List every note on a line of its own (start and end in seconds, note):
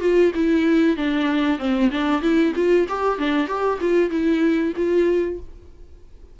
0.00 0.32 F4
0.35 0.97 E4
0.97 1.59 D4
1.59 1.90 C4
1.91 2.22 D4
2.22 2.53 E4
2.56 2.87 F4
2.89 3.19 G4
3.19 3.47 D4
3.47 3.79 G4
3.81 4.11 F4
4.11 4.74 E4
4.77 5.40 F4